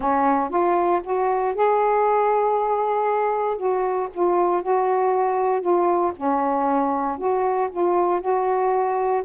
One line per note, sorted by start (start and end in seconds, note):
0.00 0.49 C#4
0.49 1.01 F4
1.03 1.54 F#4
1.54 3.57 G#4
3.57 4.08 F#4
4.13 4.62 F4
4.62 5.61 F#4
5.61 6.12 F4
6.16 7.17 C#4
7.17 7.69 F#4
7.71 8.21 F4
8.21 9.23 F#4